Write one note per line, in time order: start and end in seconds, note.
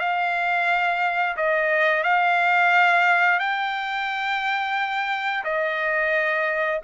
0.00 1.36 F5
1.37 2.04 D#5
2.04 3.40 F5
3.40 5.44 G5
5.45 6.81 D#5